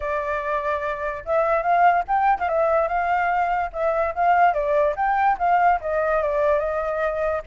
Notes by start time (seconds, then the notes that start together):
0.00 D5
1.25 E5
1.62 F5
2.07 G5
2.39 F5
2.48 E5
2.88 F5
3.72 E5
4.15 F5
4.53 D5
4.96 G5
5.38 F5
5.80 D#5
6.22 D5
6.59 D#5